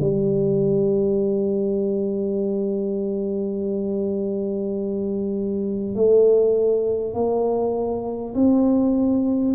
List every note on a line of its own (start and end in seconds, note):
0.00 5.95 G3
5.95 7.13 A3
7.13 8.33 A#3
8.35 9.55 C4